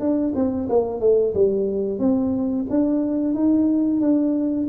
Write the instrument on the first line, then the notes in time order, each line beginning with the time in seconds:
tuba
0.00 D4
0.35 C4
0.69 A#3
1.00 A3
1.34 G3
1.99 C4
2.70 D4
3.34 D#4
4.01 D4